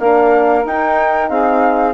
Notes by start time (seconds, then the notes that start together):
0.00 A#3 D4 A#4 F5
0.65 D#4 G5
1.29 C4 G#4 F5